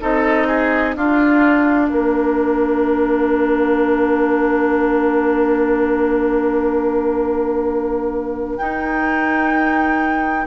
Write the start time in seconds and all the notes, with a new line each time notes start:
0.00 C4 D#4 A4 D#5
0.47 G#4
0.95 D4 F4 F5
1.90 A#3 A#4
8.57 D#4 G5